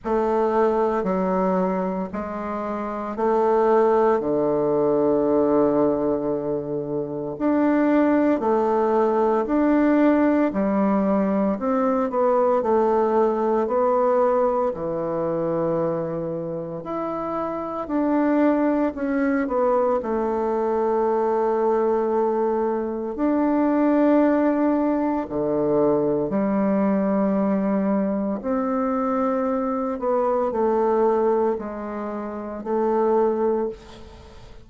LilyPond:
\new Staff \with { instrumentName = "bassoon" } { \time 4/4 \tempo 4 = 57 a4 fis4 gis4 a4 | d2. d'4 | a4 d'4 g4 c'8 b8 | a4 b4 e2 |
e'4 d'4 cis'8 b8 a4~ | a2 d'2 | d4 g2 c'4~ | c'8 b8 a4 gis4 a4 | }